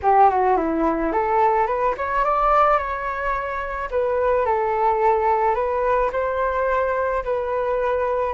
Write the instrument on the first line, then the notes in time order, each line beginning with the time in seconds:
flute
0.02 G4
0.30 F#4
0.57 E4
1.12 A4
1.66 B4
1.97 C#5
2.24 D5
2.78 C#5
3.90 B4
4.45 A4
5.54 B4
6.12 C5
7.24 B4